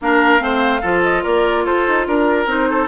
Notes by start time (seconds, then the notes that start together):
0.01 A#3 D4 A#4 F5
0.39 A3 C4 C5
0.81 F3 F4 A4
1.02 D#5
1.22 A#3 A#4 D5
1.65 F4 A4 C5
1.87 D#4
2.07 D4 A#4
2.46 C4 D#4 C5
2.69 A4